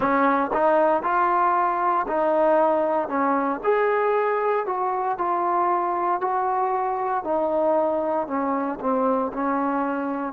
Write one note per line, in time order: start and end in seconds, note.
0.00 0.50 C#4
0.53 1.03 D#4
1.03 2.06 F4
2.07 3.08 D#4
3.08 3.60 C#4
3.63 4.66 G#4
4.66 5.17 F#4
5.17 6.21 F4
6.21 7.24 F#4
7.24 8.27 D#4
8.27 8.79 C#4
8.80 9.32 C4
9.33 10.33 C#4